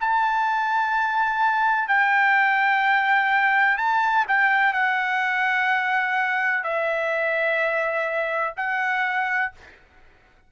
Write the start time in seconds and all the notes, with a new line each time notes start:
0.00 A5
1.88 G5
3.77 A5
4.28 G5
4.73 F#5
6.64 E5
8.57 F#5